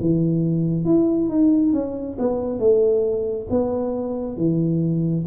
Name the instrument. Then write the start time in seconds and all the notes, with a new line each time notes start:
tuba
0.00 E3
0.85 E4
1.28 D#4
1.73 C#4
2.19 B3
2.59 A3
3.50 B3
4.36 E3